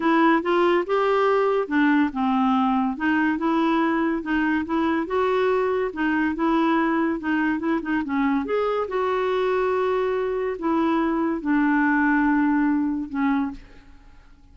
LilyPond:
\new Staff \with { instrumentName = "clarinet" } { \time 4/4 \tempo 4 = 142 e'4 f'4 g'2 | d'4 c'2 dis'4 | e'2 dis'4 e'4 | fis'2 dis'4 e'4~ |
e'4 dis'4 e'8 dis'8 cis'4 | gis'4 fis'2.~ | fis'4 e'2 d'4~ | d'2. cis'4 | }